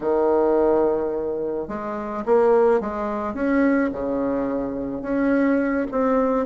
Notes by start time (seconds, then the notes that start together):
0.00 D#3
1.67 G#3
2.25 A#3
2.80 G#3
3.33 C#4
3.92 C#3
5.02 C#4
5.91 C4